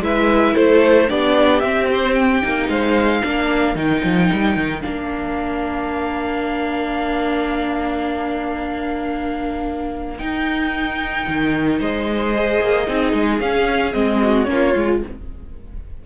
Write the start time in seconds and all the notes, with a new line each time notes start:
0.00 G#3 E4 B4 E5
0.54 A3 A4 C5
1.08 B3 D4 G4 D5
1.60 C4 E5
1.92 C5
2.14 G5
2.42 A#3 D#4
2.68 G#3 C5 F5
3.23 A#3 D4 A#4
3.75 D#3 D#4 G5
4.03 F3
4.32 G3
4.56 D#3
4.81 A#3 D4 F5
10.18 D#4 G5
11.27 D#3
11.79 G#3 C5 D#5
12.34 G#4
12.61 A#3
12.87 C4 D#4 G#4
13.13 G#3
13.40 C#4 F5
13.93 G#3 C4 D#5
14.21 F#4
14.44 A#3 C#4 C#5
14.52 F4
14.76 G#3 F4